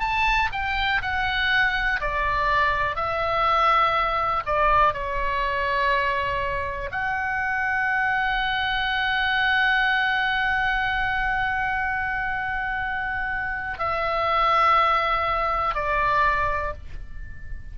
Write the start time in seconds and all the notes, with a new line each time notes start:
0.00 A5
0.52 G5
1.01 F#5
2.00 D5
2.96 E5
4.45 D5
4.94 C#5
6.91 F#5
13.78 E5
15.75 D5